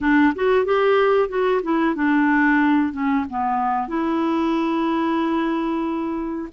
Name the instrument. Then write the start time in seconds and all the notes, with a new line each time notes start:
clarinet
0.01 D4
0.35 F#4
0.65 G4
1.28 F#4
1.62 E4
1.95 D4
2.92 C#4
3.29 B3
3.88 E4